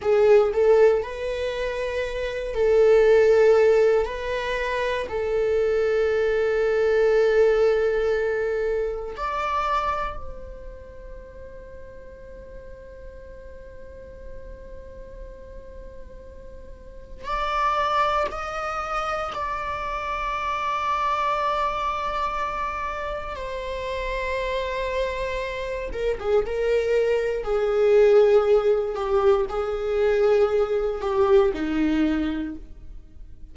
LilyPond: \new Staff \with { instrumentName = "viola" } { \time 4/4 \tempo 4 = 59 gis'8 a'8 b'4. a'4. | b'4 a'2.~ | a'4 d''4 c''2~ | c''1~ |
c''4 d''4 dis''4 d''4~ | d''2. c''4~ | c''4. ais'16 gis'16 ais'4 gis'4~ | gis'8 g'8 gis'4. g'8 dis'4 | }